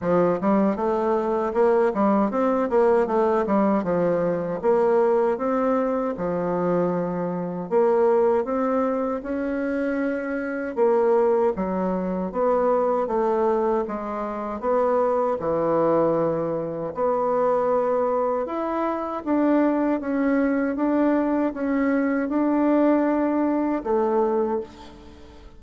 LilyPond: \new Staff \with { instrumentName = "bassoon" } { \time 4/4 \tempo 4 = 78 f8 g8 a4 ais8 g8 c'8 ais8 | a8 g8 f4 ais4 c'4 | f2 ais4 c'4 | cis'2 ais4 fis4 |
b4 a4 gis4 b4 | e2 b2 | e'4 d'4 cis'4 d'4 | cis'4 d'2 a4 | }